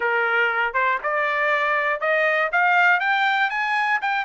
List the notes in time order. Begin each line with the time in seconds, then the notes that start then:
0.00 A#4
0.73 C5
1.03 D5
2.00 D#5
2.51 F5
3.00 G5
3.50 G#5
4.01 G5